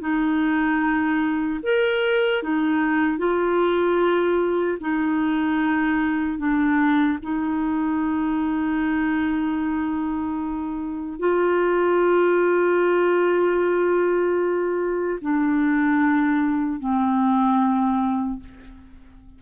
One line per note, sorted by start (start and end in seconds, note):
0.00 1.60 D#4
1.63 2.43 A#4
2.43 3.18 D#4
3.18 4.78 F4
4.80 6.39 D#4
6.39 7.19 D4
7.23 11.19 D#4
11.19 15.19 F4
15.21 16.80 D4
16.80 18.40 C4